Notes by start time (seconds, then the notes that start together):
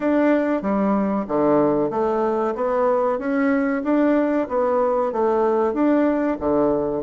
0.00 D4
0.62 G3
1.28 D3
1.90 A3
2.55 B3
3.18 C#4
3.84 D4
4.48 B3
5.12 A3
5.73 D4
6.39 D3